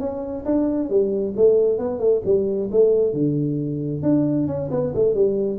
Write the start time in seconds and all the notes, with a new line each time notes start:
0.00 C#4
0.45 D4
0.90 G3
1.37 A3
1.79 B3
1.99 A3
2.26 G3
2.72 A3
3.14 D3
4.03 D4
4.48 C#4
4.71 B3
4.95 A3
5.15 G3